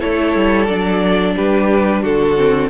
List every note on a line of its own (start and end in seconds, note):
0.00 0.35 A3
0.00 0.67 E4
0.00 1.35 A4
0.00 0.67 C#5
0.35 0.68 G3
0.67 1.36 F#3
0.67 2.37 D4
0.67 1.34 D5
1.36 2.04 G3
1.36 2.02 G4
1.36 2.04 B4
2.02 2.70 D3
2.02 2.70 F#4
2.02 2.70 A4
2.37 2.70 C4